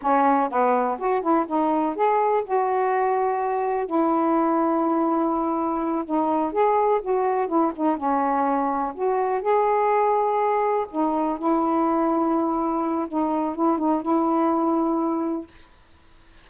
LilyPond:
\new Staff \with { instrumentName = "saxophone" } { \time 4/4 \tempo 4 = 124 cis'4 b4 fis'8 e'8 dis'4 | gis'4 fis'2. | e'1~ | e'8 dis'4 gis'4 fis'4 e'8 |
dis'8 cis'2 fis'4 gis'8~ | gis'2~ gis'8 dis'4 e'8~ | e'2. dis'4 | e'8 dis'8 e'2. | }